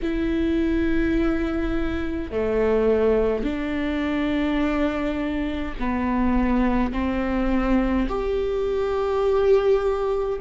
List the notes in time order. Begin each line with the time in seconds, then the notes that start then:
0.02 E4
2.31 A3
3.43 D4
5.79 B3
6.92 C4
8.08 G4